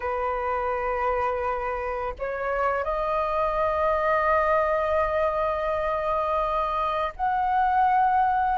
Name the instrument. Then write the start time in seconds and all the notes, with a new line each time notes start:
flute
0.00 B4
2.18 C#5
2.84 D#5
7.16 F#5